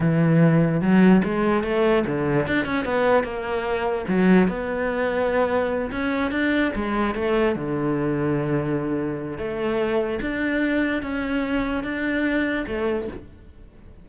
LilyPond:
\new Staff \with { instrumentName = "cello" } { \time 4/4 \tempo 4 = 147 e2 fis4 gis4 | a4 d4 d'8 cis'8 b4 | ais2 fis4 b4~ | b2~ b8 cis'4 d'8~ |
d'8 gis4 a4 d4.~ | d2. a4~ | a4 d'2 cis'4~ | cis'4 d'2 a4 | }